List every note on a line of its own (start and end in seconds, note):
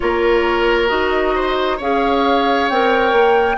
0.00 0.90 A#3
0.00 0.88 F4
0.00 1.35 A#4
0.00 0.88 C#5
0.88 1.80 D#4
0.88 1.77 F#4
0.88 1.77 D#5
1.35 1.77 C5
1.77 2.70 C#4
1.77 2.71 G#4
1.77 3.56 C#5
1.77 2.69 F5
2.69 3.12 C4
2.69 3.57 A#4
2.69 3.57 G5
3.12 3.57 A#3